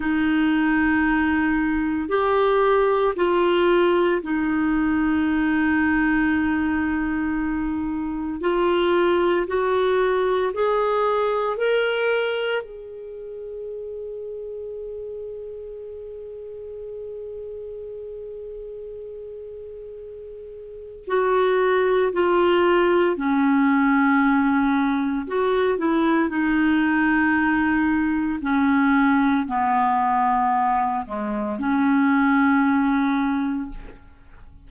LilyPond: \new Staff \with { instrumentName = "clarinet" } { \time 4/4 \tempo 4 = 57 dis'2 g'4 f'4 | dis'1 | f'4 fis'4 gis'4 ais'4 | gis'1~ |
gis'1 | fis'4 f'4 cis'2 | fis'8 e'8 dis'2 cis'4 | b4. gis8 cis'2 | }